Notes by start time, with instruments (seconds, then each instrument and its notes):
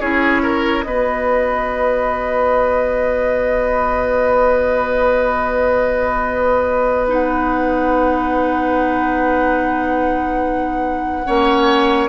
0.00 bassoon C#4, clarinet E4, oboe G#4, flute C#5
0.43 oboe A#4
0.82 bassoon B3, clarinet F#4, oboe B4, flute D#5
7.07 clarinet D#4, flute F#5
11.26 bassoon A#3, clarinet C#4, oboe C#5